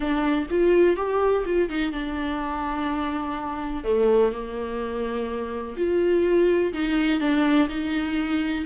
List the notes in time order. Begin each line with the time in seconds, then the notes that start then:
0.00 D4
0.50 F4
0.96 G4
1.45 F4
1.69 D#4
1.92 D4
3.84 A3
4.32 A#3
5.76 F4
6.73 D#4
7.20 D4
7.68 D#4